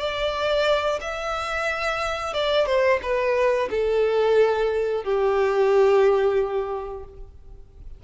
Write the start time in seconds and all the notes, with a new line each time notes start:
0.00 D5
1.01 E5
2.34 D5
2.66 C5
3.02 B4
3.71 A4
5.04 G4